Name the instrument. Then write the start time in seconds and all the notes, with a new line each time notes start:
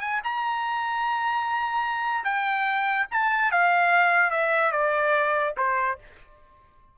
trumpet
0.00 G#5
0.23 A#5
2.24 G5
3.10 A5
3.51 F5
4.30 E5
4.71 D5
5.57 C5